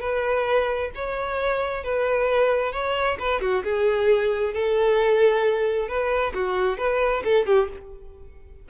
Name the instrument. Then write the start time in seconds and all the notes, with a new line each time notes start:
violin
0.00 B4
0.95 C#5
1.84 B4
2.72 C#5
3.19 B4
3.41 F#4
3.63 G#4
4.53 A4
5.88 B4
6.34 F#4
6.78 B4
7.24 A4
7.46 G4